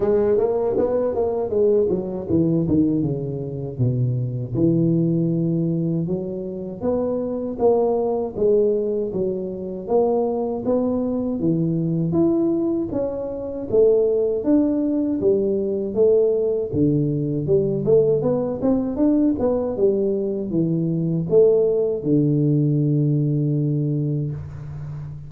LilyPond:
\new Staff \with { instrumentName = "tuba" } { \time 4/4 \tempo 4 = 79 gis8 ais8 b8 ais8 gis8 fis8 e8 dis8 | cis4 b,4 e2 | fis4 b4 ais4 gis4 | fis4 ais4 b4 e4 |
e'4 cis'4 a4 d'4 | g4 a4 d4 g8 a8 | b8 c'8 d'8 b8 g4 e4 | a4 d2. | }